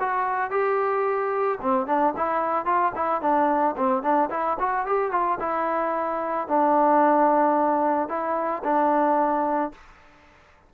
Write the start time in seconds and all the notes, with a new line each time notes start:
0.00 F#4
0.51 G4
1.61 C4
1.87 D4
2.17 E4
2.65 F4
2.95 E4
3.21 D4
3.77 C4
4.03 D4
4.30 E4
4.59 F#4
4.86 G4
5.12 F4
5.40 E4
6.48 D4
8.09 E4
8.64 D4